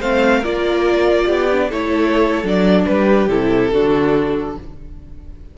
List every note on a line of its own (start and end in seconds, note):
0.00 0.44 A3
0.00 0.44 C4
0.00 0.39 C5
0.00 0.44 F5
0.39 1.29 A#3
0.39 1.50 F4
0.39 1.24 A#4
0.39 1.72 D5
1.26 1.72 B3
1.26 1.68 G4
1.52 1.71 D4
1.69 2.43 A3
1.69 2.44 E4
1.69 2.86 A4
1.69 2.47 C#5
2.43 2.86 F#3
2.43 3.30 D4
2.43 2.86 D5
2.86 3.28 G3
2.86 3.73 G4
2.86 3.29 B4
3.28 3.71 C3
3.28 3.72 E4
3.28 4.57 A4
3.72 4.58 D3
3.72 4.57 D4
3.72 4.58 F#4